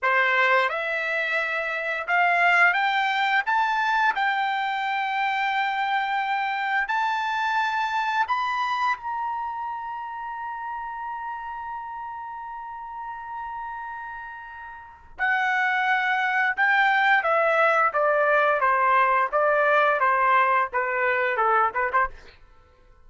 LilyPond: \new Staff \with { instrumentName = "trumpet" } { \time 4/4 \tempo 4 = 87 c''4 e''2 f''4 | g''4 a''4 g''2~ | g''2 a''2 | b''4 ais''2.~ |
ais''1~ | ais''2 fis''2 | g''4 e''4 d''4 c''4 | d''4 c''4 b'4 a'8 b'16 c''16 | }